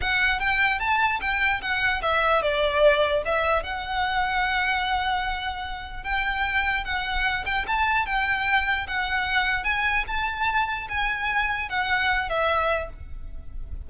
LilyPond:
\new Staff \with { instrumentName = "violin" } { \time 4/4 \tempo 4 = 149 fis''4 g''4 a''4 g''4 | fis''4 e''4 d''2 | e''4 fis''2.~ | fis''2. g''4~ |
g''4 fis''4. g''8 a''4 | g''2 fis''2 | gis''4 a''2 gis''4~ | gis''4 fis''4. e''4. | }